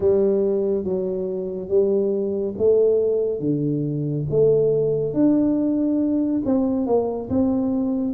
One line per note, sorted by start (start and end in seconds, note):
0.00 0.84 G3
0.84 1.68 F#3
1.68 2.54 G3
2.57 3.39 A3
3.39 4.25 D3
4.29 5.13 A3
5.13 6.42 D4
6.45 6.86 C4
6.86 7.29 A#3
7.29 8.14 C4